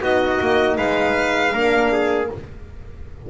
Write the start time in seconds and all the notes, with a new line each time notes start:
0.00 B3 D#4 F#4 D#5
0.40 A#3
0.77 G#3 B4 F5
1.52 A#3 D4 A#4
1.92 G#4